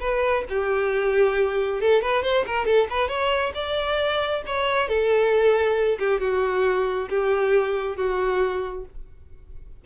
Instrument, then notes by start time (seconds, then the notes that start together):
violin
0.00 B4
0.49 G4
1.81 A4
2.02 B4
2.23 C5
2.46 A#4
2.66 A4
2.90 B4
3.08 C#5
3.54 D5
4.46 C#5
4.88 A4
5.99 G4
6.20 F#4
7.09 G4
7.96 F#4